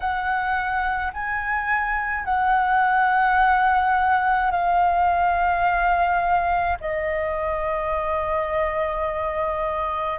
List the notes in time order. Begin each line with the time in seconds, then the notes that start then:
0.00 F#5
1.13 G#5
2.24 F#5
4.51 F5
6.80 D#5